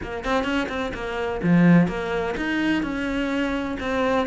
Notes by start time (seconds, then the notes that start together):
0.02 A#3
0.24 C4
0.44 C#4
0.68 C4
0.94 A#3
1.42 F3
1.87 A#3
2.36 D#4
2.82 C#4
3.79 C4